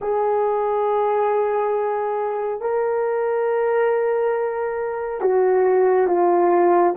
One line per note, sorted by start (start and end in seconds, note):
0.01 2.60 G#4
2.60 5.21 A#4
5.21 6.07 F#4
6.07 6.94 F4